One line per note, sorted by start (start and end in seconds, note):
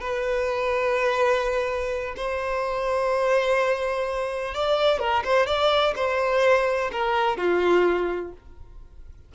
0.00 2.14 B4
2.16 4.54 C5
4.54 4.99 D5
4.99 5.23 A#4
5.24 5.46 C5
5.46 5.93 D5
5.95 6.90 C5
6.91 7.37 A#4
7.37 8.32 F4